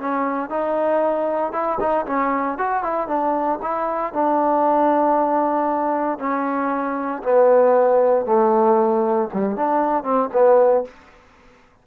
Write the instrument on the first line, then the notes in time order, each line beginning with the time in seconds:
trombone
0.00 C#4
0.50 D#4
1.52 E4
1.80 D#4
2.06 C#4
2.58 F#4
2.83 E4
3.08 D4
3.62 E4
4.13 D4
6.19 C#4
7.22 B3
8.25 A3
9.33 G3
9.56 D4
10.03 C4
10.33 B3